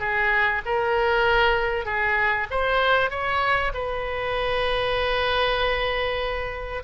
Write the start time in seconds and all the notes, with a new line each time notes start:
0.00 G#4
0.66 A#4
1.86 G#4
2.51 C5
3.10 C#5
3.74 B4